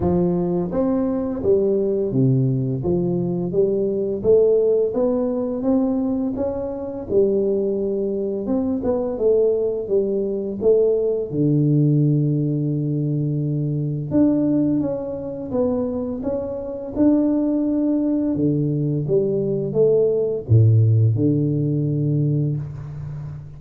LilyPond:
\new Staff \with { instrumentName = "tuba" } { \time 4/4 \tempo 4 = 85 f4 c'4 g4 c4 | f4 g4 a4 b4 | c'4 cis'4 g2 | c'8 b8 a4 g4 a4 |
d1 | d'4 cis'4 b4 cis'4 | d'2 d4 g4 | a4 a,4 d2 | }